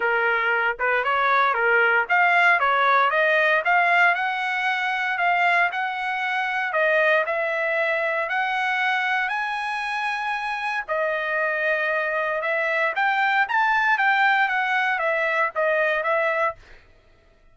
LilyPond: \new Staff \with { instrumentName = "trumpet" } { \time 4/4 \tempo 4 = 116 ais'4. b'8 cis''4 ais'4 | f''4 cis''4 dis''4 f''4 | fis''2 f''4 fis''4~ | fis''4 dis''4 e''2 |
fis''2 gis''2~ | gis''4 dis''2. | e''4 g''4 a''4 g''4 | fis''4 e''4 dis''4 e''4 | }